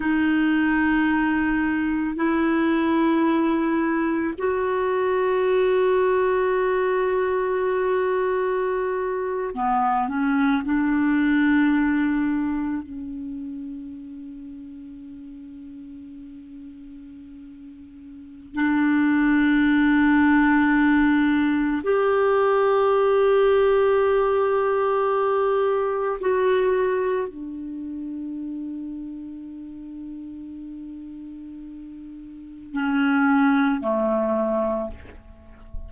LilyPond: \new Staff \with { instrumentName = "clarinet" } { \time 4/4 \tempo 4 = 55 dis'2 e'2 | fis'1~ | fis'8. b8 cis'8 d'2 cis'16~ | cis'1~ |
cis'4 d'2. | g'1 | fis'4 d'2.~ | d'2 cis'4 a4 | }